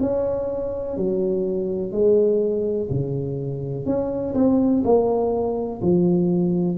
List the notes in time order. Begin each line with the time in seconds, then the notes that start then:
0.00 C#4
0.96 F#3
1.91 G#3
2.89 C#3
3.85 C#4
4.34 C4
4.83 A#3
5.82 F3